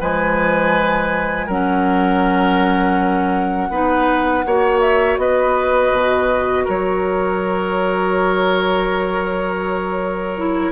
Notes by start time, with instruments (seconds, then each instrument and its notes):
0.00 bassoon F3, clarinet G#3, oboe B4, flute G#5
1.46 bassoon F#3, clarinet C#4, oboe A#4, flute F#5
3.70 bassoon B3, clarinet D#4, oboe B4
4.44 bassoon A#3, clarinet F#4, oboe C#5
4.81 flute E5
5.18 bassoon B3, oboe B4, flute D#5
5.92 bassoon B2
6.65 bassoon F#3, oboe A#4, flute C#5
10.37 clarinet E4